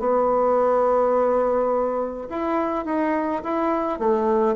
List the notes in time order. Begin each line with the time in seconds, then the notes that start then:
0.00 B3
2.30 E4
2.85 D#4
3.44 E4
3.99 A3